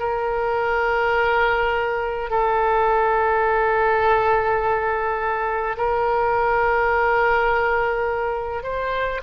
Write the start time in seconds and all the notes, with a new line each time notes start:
0.00 A#4
2.30 A4
5.77 A#4
8.63 C5